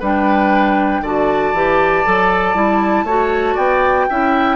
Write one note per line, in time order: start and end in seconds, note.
0.00 1.01 G3
0.00 1.04 D4
0.00 1.02 B4
0.00 1.04 G5
1.01 1.52 D3
1.01 1.56 F#4
1.01 3.06 D5
1.01 3.57 A5
1.53 2.04 E3
1.53 2.06 G4
2.06 2.55 F#3
2.06 2.55 A4
2.55 3.04 G3
2.55 3.06 E4
3.04 3.55 A3
3.04 4.10 F#4
3.04 3.55 C#5
3.55 4.08 B3
3.55 4.06 D5
3.55 4.57 G5
4.10 4.57 C#4
4.10 4.57 E4
4.10 4.57 E5